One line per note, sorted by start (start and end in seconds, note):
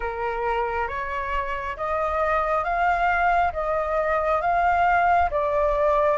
0.00 0.88 A#4
0.88 1.76 C#5
1.76 2.64 D#5
2.64 3.52 F5
3.53 4.41 D#5
4.41 5.29 F5
5.30 6.18 D5